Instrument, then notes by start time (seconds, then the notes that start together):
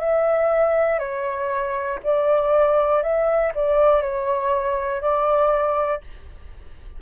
flute
0.00 E5
1.00 C#5
2.04 D5
3.03 E5
3.55 D5
4.02 C#5
5.02 D5